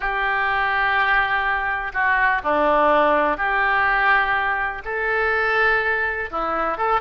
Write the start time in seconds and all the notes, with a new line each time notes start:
0.00 G4
1.93 F#4
2.43 D4
3.37 G4
4.85 A4
6.31 E4
6.77 A4